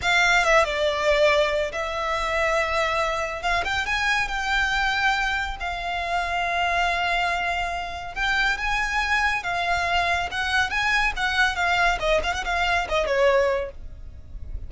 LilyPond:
\new Staff \with { instrumentName = "violin" } { \time 4/4 \tempo 4 = 140 f''4 e''8 d''2~ d''8 | e''1 | f''8 g''8 gis''4 g''2~ | g''4 f''2.~ |
f''2. g''4 | gis''2 f''2 | fis''4 gis''4 fis''4 f''4 | dis''8 f''16 fis''16 f''4 dis''8 cis''4. | }